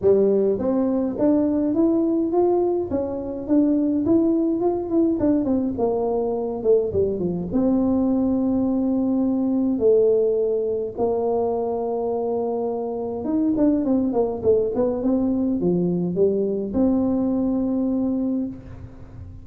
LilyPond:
\new Staff \with { instrumentName = "tuba" } { \time 4/4 \tempo 4 = 104 g4 c'4 d'4 e'4 | f'4 cis'4 d'4 e'4 | f'8 e'8 d'8 c'8 ais4. a8 | g8 f8 c'2.~ |
c'4 a2 ais4~ | ais2. dis'8 d'8 | c'8 ais8 a8 b8 c'4 f4 | g4 c'2. | }